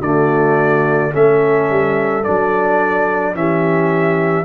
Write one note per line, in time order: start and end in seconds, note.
0.00 1.12 D3
0.00 1.12 A3
0.00 1.11 F#4
0.00 1.13 D5
1.12 1.70 A3
1.12 2.23 C#4
1.12 3.35 A4
1.12 2.24 E5
1.70 2.26 G3
2.24 3.35 F#3
2.24 3.34 D4
2.24 3.35 D5
3.34 4.45 E3
3.34 4.45 C#4
3.34 4.45 G4
3.34 4.45 E5